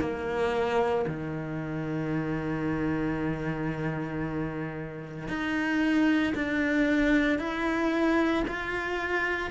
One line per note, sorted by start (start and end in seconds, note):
0.00 1.05 A#3
1.07 5.28 D#3
5.28 6.33 D#4
6.35 7.39 D4
7.39 8.44 E4
8.48 9.51 F4